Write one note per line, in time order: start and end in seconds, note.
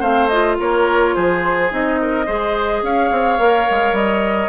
0.00 0.57 A3
0.00 0.30 C4
0.00 0.56 C5
0.00 0.28 F5
0.28 1.70 F4
0.28 0.56 D#5
0.59 1.16 A#3
0.59 1.15 A#4
0.59 1.15 C#5
1.15 1.71 F3
1.15 1.99 G#4
1.15 1.71 C5
1.70 2.27 C4
1.70 2.26 D#4
1.70 2.84 D#5
2.01 2.25 A#4
2.25 2.82 G#3
2.25 3.38 G#4
2.25 2.81 C5
2.82 3.10 C#4
2.82 4.48 C#5
2.82 3.95 F5
3.11 3.39 C4
3.38 3.67 A#3
3.38 4.48 A#4
3.70 3.92 G#3
3.92 4.48 G3
3.92 4.48 D#5